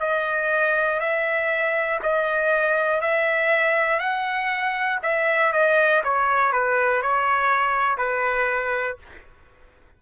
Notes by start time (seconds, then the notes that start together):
0.00 D#5
1.00 E5
2.03 D#5
3.01 E5
4.00 F#5
5.03 E5
5.53 D#5
6.04 C#5
6.52 B4
7.03 C#5
7.98 B4